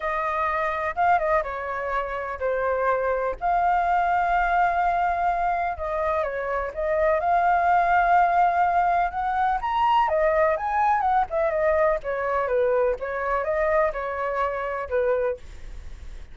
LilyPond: \new Staff \with { instrumentName = "flute" } { \time 4/4 \tempo 4 = 125 dis''2 f''8 dis''8 cis''4~ | cis''4 c''2 f''4~ | f''1 | dis''4 cis''4 dis''4 f''4~ |
f''2. fis''4 | ais''4 dis''4 gis''4 fis''8 e''8 | dis''4 cis''4 b'4 cis''4 | dis''4 cis''2 b'4 | }